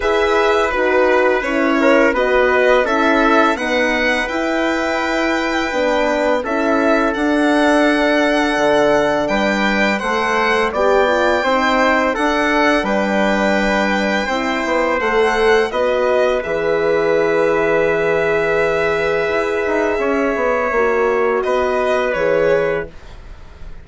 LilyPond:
<<
  \new Staff \with { instrumentName = "violin" } { \time 4/4 \tempo 4 = 84 e''4 b'4 cis''4 dis''4 | e''4 fis''4 g''2~ | g''4 e''4 fis''2~ | fis''4 g''4 fis''4 g''4~ |
g''4 fis''4 g''2~ | g''4 fis''4 dis''4 e''4~ | e''1~ | e''2 dis''4 cis''4 | }
  \new Staff \with { instrumentName = "trumpet" } { \time 4/4 b'2~ b'8 ais'8 b'4 | a'4 b'2.~ | b'4 a'2.~ | a'4 b'4 c''4 d''4 |
c''4 a'4 b'2 | c''2 b'2~ | b'1 | cis''2 b'2 | }
  \new Staff \with { instrumentName = "horn" } { \time 4/4 gis'4 fis'4 e'4 fis'4 | e'4 b4 e'2 | d'4 e'4 d'2~ | d'2 a'4 g'8 f'8 |
dis'4 d'2. | e'4 a'4 fis'4 gis'4~ | gis'1~ | gis'4 fis'2 gis'4 | }
  \new Staff \with { instrumentName = "bassoon" } { \time 4/4 e'4 dis'4 cis'4 b4 | cis'4 dis'4 e'2 | b4 cis'4 d'2 | d4 g4 a4 b4 |
c'4 d'4 g2 | c'8 b8 a4 b4 e4~ | e2. e'8 dis'8 | cis'8 b8 ais4 b4 e4 | }
>>